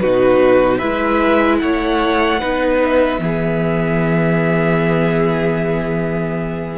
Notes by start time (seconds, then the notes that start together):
0.00 B2 D#4 F#4 B4
0.78 G#3 E4 B4 E5
1.59 A3 C#5 F#5
2.40 B3 D#4 B4
2.84 E5
3.19 E3 B3 G#4